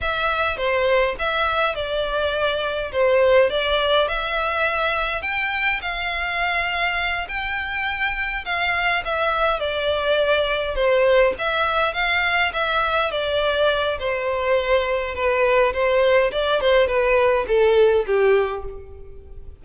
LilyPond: \new Staff \with { instrumentName = "violin" } { \time 4/4 \tempo 4 = 103 e''4 c''4 e''4 d''4~ | d''4 c''4 d''4 e''4~ | e''4 g''4 f''2~ | f''8 g''2 f''4 e''8~ |
e''8 d''2 c''4 e''8~ | e''8 f''4 e''4 d''4. | c''2 b'4 c''4 | d''8 c''8 b'4 a'4 g'4 | }